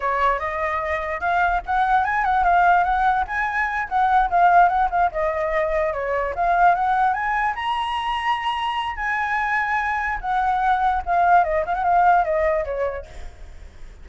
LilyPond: \new Staff \with { instrumentName = "flute" } { \time 4/4 \tempo 4 = 147 cis''4 dis''2 f''4 | fis''4 gis''8 fis''8 f''4 fis''4 | gis''4. fis''4 f''4 fis''8 | f''8 dis''2 cis''4 f''8~ |
f''8 fis''4 gis''4 ais''4.~ | ais''2 gis''2~ | gis''4 fis''2 f''4 | dis''8 f''16 fis''16 f''4 dis''4 cis''4 | }